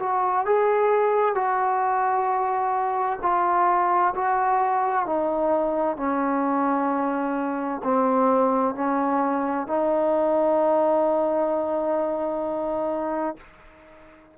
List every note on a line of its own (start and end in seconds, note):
0.00 0.46 F#4
0.46 1.35 G#4
1.35 3.20 F#4
3.22 4.15 F4
4.15 5.06 F#4
5.06 5.97 D#4
5.97 7.82 C#4
7.84 8.75 C4
8.75 9.68 C#4
9.68 13.37 D#4